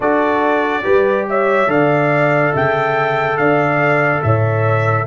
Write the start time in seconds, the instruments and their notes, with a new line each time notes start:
0.00 tuba D4, trombone F#4, horn A4, trumpet D5
0.83 tuba G3, trombone G4, horn B4
1.29 horn C#5, trumpet E5
1.67 tuba D3, trombone A4, horn D5, trumpet F5
2.53 tuba C#3, horn E5, trumpet G5
3.37 tuba D3, horn D5, trumpet F5
4.22 tuba A2, horn C#5, trumpet E5